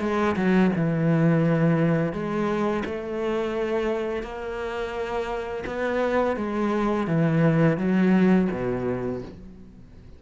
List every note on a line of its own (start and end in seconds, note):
0.00 0.35 G#3
0.36 0.71 F#3
0.75 2.12 E3
2.12 2.83 G#3
2.85 4.23 A3
4.23 5.64 A#3
5.66 6.36 B3
6.36 7.07 G#3
7.07 7.77 E3
7.77 8.48 F#3
8.51 9.21 B2